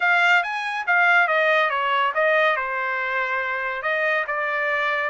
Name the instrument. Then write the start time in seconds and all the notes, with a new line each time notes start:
trumpet
0.00 F5
0.43 G#5
0.86 F5
1.27 D#5
1.70 C#5
2.14 D#5
2.56 C5
3.82 D#5
4.27 D5